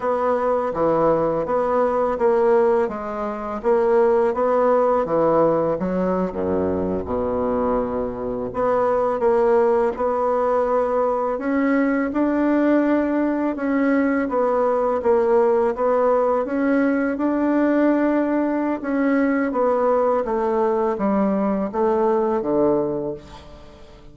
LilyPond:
\new Staff \with { instrumentName = "bassoon" } { \time 4/4 \tempo 4 = 83 b4 e4 b4 ais4 | gis4 ais4 b4 e4 | fis8. fis,4 b,2 b16~ | b8. ais4 b2 cis'16~ |
cis'8. d'2 cis'4 b16~ | b8. ais4 b4 cis'4 d'16~ | d'2 cis'4 b4 | a4 g4 a4 d4 | }